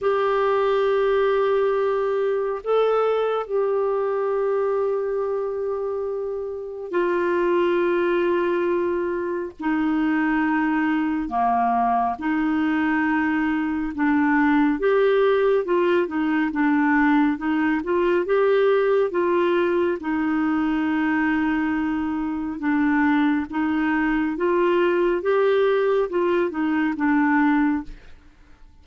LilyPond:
\new Staff \with { instrumentName = "clarinet" } { \time 4/4 \tempo 4 = 69 g'2. a'4 | g'1 | f'2. dis'4~ | dis'4 ais4 dis'2 |
d'4 g'4 f'8 dis'8 d'4 | dis'8 f'8 g'4 f'4 dis'4~ | dis'2 d'4 dis'4 | f'4 g'4 f'8 dis'8 d'4 | }